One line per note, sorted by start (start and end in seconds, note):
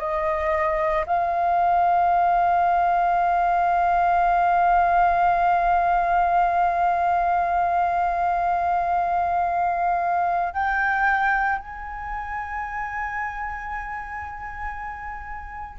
0.00 1.05 D#5
1.06 10.54 F5
10.54 11.59 G5
11.59 15.79 G#5